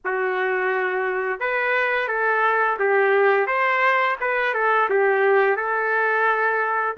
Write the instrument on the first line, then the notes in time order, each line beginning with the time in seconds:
trumpet
0.04 F#4
1.40 B4
2.08 A4
2.79 G4
3.46 C5
4.20 B4
4.53 A4
4.89 G4
5.56 A4